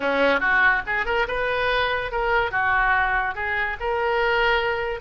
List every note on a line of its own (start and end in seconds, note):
0.00 0.39 C#4
0.39 0.81 F#4
0.86 1.05 G#4
1.05 1.26 A#4
1.27 2.11 B4
2.11 2.51 A#4
2.51 3.35 F#4
3.35 3.76 G#4
3.80 5.00 A#4